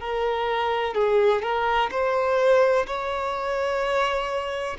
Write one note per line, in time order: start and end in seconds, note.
0.00 0.94 A#4
0.94 1.42 G#4
1.42 1.90 A#4
1.90 2.86 C5
2.86 4.77 C#5